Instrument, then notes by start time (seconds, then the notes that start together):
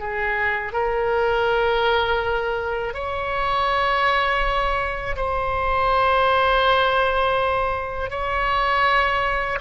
oboe
0.00 G#4
0.73 A#4
2.94 C#5
5.17 C5
8.11 C#5